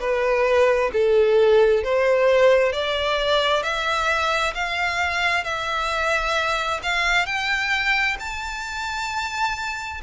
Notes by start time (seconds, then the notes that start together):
0.00 B4
0.93 A4
1.83 C5
2.72 D5
3.62 E5
4.55 F5
5.44 E5
6.83 F5
7.26 G5
8.19 A5